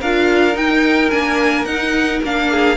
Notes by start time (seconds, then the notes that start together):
0.00 D4 F4 A#4 F5
0.54 D#4 G5
1.11 A#3 D4 G#5
1.66 D#4 F#5
2.23 A#3 D4 F5
2.50 G#4